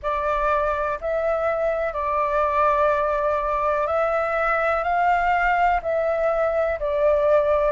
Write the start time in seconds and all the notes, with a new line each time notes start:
0.02 D5
1.00 E5
1.93 D5
3.86 E5
4.83 F5
5.82 E5
6.79 D5